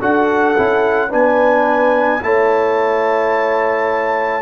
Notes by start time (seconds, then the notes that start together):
0.00 D4 F#4 A4 F#5
0.57 C#4 E4
1.10 B3 D4 B4 G#5
2.22 A3 E4 C#5 A5